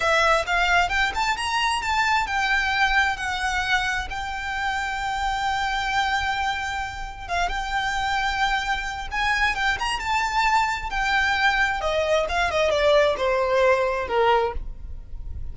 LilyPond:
\new Staff \with { instrumentName = "violin" } { \time 4/4 \tempo 4 = 132 e''4 f''4 g''8 a''8 ais''4 | a''4 g''2 fis''4~ | fis''4 g''2.~ | g''1 |
f''8 g''2.~ g''8 | gis''4 g''8 ais''8 a''2 | g''2 dis''4 f''8 dis''8 | d''4 c''2 ais'4 | }